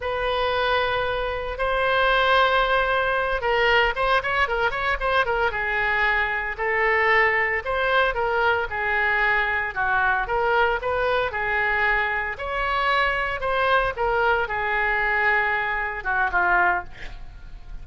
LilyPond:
\new Staff \with { instrumentName = "oboe" } { \time 4/4 \tempo 4 = 114 b'2. c''4~ | c''2~ c''8 ais'4 c''8 | cis''8 ais'8 cis''8 c''8 ais'8 gis'4.~ | gis'8 a'2 c''4 ais'8~ |
ais'8 gis'2 fis'4 ais'8~ | ais'8 b'4 gis'2 cis''8~ | cis''4. c''4 ais'4 gis'8~ | gis'2~ gis'8 fis'8 f'4 | }